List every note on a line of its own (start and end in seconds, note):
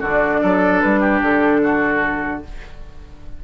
0.00 0.41 D3
0.00 2.44 D4
0.00 0.40 F#4
0.00 0.80 D5
0.41 0.83 F#3
0.41 1.00 A4
0.80 1.21 G3
0.80 1.20 B4
1.00 1.60 G4
1.21 2.41 D3
1.21 2.43 A4
1.63 2.43 F#4